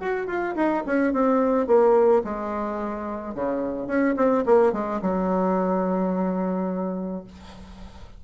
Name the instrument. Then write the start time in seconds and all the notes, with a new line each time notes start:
bassoon
0.00 F#4
0.27 F4
0.56 D#4
0.86 C#4
1.13 C4
1.67 A#3
2.24 G#3
3.35 C#3
3.87 C#4
4.17 C4
4.46 A#3
4.73 G#3
5.02 F#3